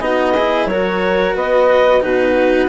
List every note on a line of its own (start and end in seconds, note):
0.00 0.66 B3
0.00 0.35 D#4
0.00 0.35 F#4
0.00 0.67 D#5
0.35 0.71 E4
0.35 0.69 G#4
0.66 1.34 F#3
0.66 2.01 F#4
0.66 1.36 A#4
0.66 1.35 C#5
1.36 2.03 B3
1.36 2.03 B4
1.36 2.03 D#5
2.01 2.69 B2
2.01 2.69 D#4
2.01 2.69 F#4
2.01 2.69 B4